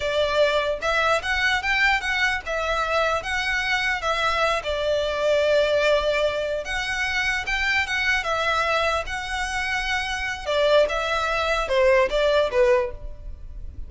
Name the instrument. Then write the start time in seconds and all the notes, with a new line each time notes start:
violin
0.00 D5
0.81 E5
1.22 F#5
1.62 G5
2.00 F#5
2.45 E5
3.22 F#5
4.01 E5
4.63 D5
6.64 F#5
7.46 G5
7.86 F#5
8.23 E5
9.06 F#5
10.46 D5
10.89 E5
11.68 C5
12.10 D5
12.51 B4